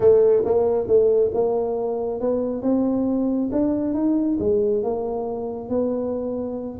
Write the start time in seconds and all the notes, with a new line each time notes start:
0.00 A3
0.44 A#3
0.87 A3
1.34 A#3
2.20 B3
2.62 C4
3.52 D4
3.94 D#4
4.39 G#3
4.83 A#3
5.69 B3